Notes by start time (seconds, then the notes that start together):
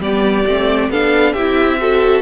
0.00 G3 B3 G4 D5
0.46 A3 C4
0.90 B3 D4 A4 F5
1.33 C4 E4 G4 E5
1.79 F#4 A4